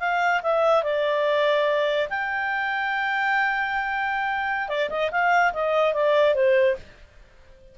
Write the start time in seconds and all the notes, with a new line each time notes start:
0.00 F5
0.43 E5
0.84 D5
2.10 G5
4.69 D5
4.90 D#5
5.12 F5
5.54 D#5
5.94 D5
6.35 C5